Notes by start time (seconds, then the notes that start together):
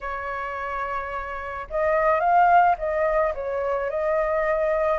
0.00 C#5
1.69 D#5
2.20 F5
2.78 D#5
3.34 C#5
3.89 D#5